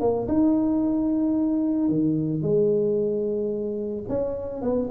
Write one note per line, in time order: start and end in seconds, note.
0.00 0.27 A#3
0.28 1.89 D#4
1.89 2.42 D#3
2.42 4.04 G#3
4.09 4.62 C#4
4.62 4.89 B3